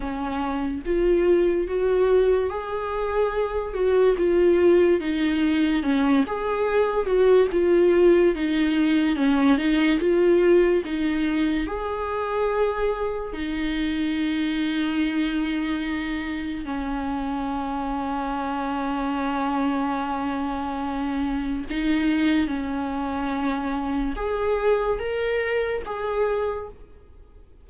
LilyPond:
\new Staff \with { instrumentName = "viola" } { \time 4/4 \tempo 4 = 72 cis'4 f'4 fis'4 gis'4~ | gis'8 fis'8 f'4 dis'4 cis'8 gis'8~ | gis'8 fis'8 f'4 dis'4 cis'8 dis'8 | f'4 dis'4 gis'2 |
dis'1 | cis'1~ | cis'2 dis'4 cis'4~ | cis'4 gis'4 ais'4 gis'4 | }